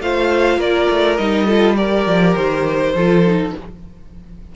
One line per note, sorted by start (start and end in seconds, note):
0.00 0.57 A3
0.00 1.18 F4
0.00 0.58 C5
0.00 0.60 F5
0.57 0.86 A#3
0.57 1.46 A#4
0.57 1.17 D5
0.90 1.18 A3
1.17 2.06 G3
1.17 1.48 D#4
1.17 1.76 D#5
1.46 1.76 F4
1.46 1.75 A4
1.76 2.94 G4
1.76 2.94 A#4
1.76 2.35 D5
2.06 2.35 F3
2.35 2.94 D#3
2.35 3.52 C5
2.94 3.52 F3
2.94 3.26 F4
2.94 3.55 A4
3.26 3.55 D#4